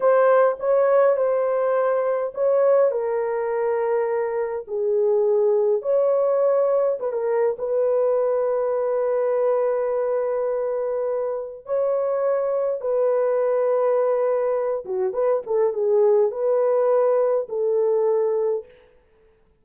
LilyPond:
\new Staff \with { instrumentName = "horn" } { \time 4/4 \tempo 4 = 103 c''4 cis''4 c''2 | cis''4 ais'2. | gis'2 cis''2 | b'16 ais'8. b'2.~ |
b'1 | cis''2 b'2~ | b'4. fis'8 b'8 a'8 gis'4 | b'2 a'2 | }